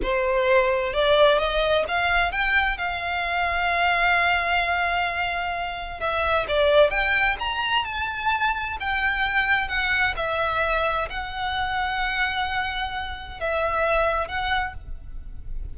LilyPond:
\new Staff \with { instrumentName = "violin" } { \time 4/4 \tempo 4 = 130 c''2 d''4 dis''4 | f''4 g''4 f''2~ | f''1~ | f''4 e''4 d''4 g''4 |
ais''4 a''2 g''4~ | g''4 fis''4 e''2 | fis''1~ | fis''4 e''2 fis''4 | }